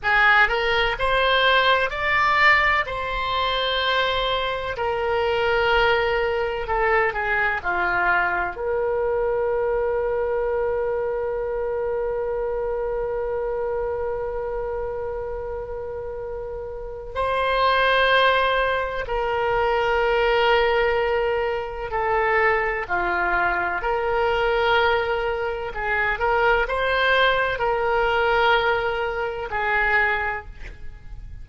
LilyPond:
\new Staff \with { instrumentName = "oboe" } { \time 4/4 \tempo 4 = 63 gis'8 ais'8 c''4 d''4 c''4~ | c''4 ais'2 a'8 gis'8 | f'4 ais'2.~ | ais'1~ |
ais'2 c''2 | ais'2. a'4 | f'4 ais'2 gis'8 ais'8 | c''4 ais'2 gis'4 | }